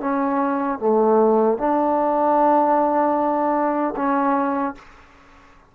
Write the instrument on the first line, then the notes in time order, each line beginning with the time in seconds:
trombone
0.00 C#4
0.79 A3
1.58 D4
3.96 C#4